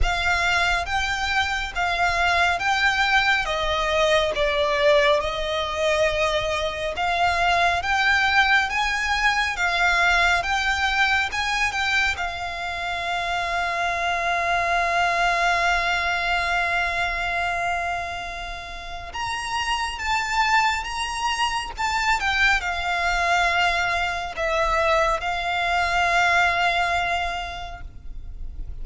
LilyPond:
\new Staff \with { instrumentName = "violin" } { \time 4/4 \tempo 4 = 69 f''4 g''4 f''4 g''4 | dis''4 d''4 dis''2 | f''4 g''4 gis''4 f''4 | g''4 gis''8 g''8 f''2~ |
f''1~ | f''2 ais''4 a''4 | ais''4 a''8 g''8 f''2 | e''4 f''2. | }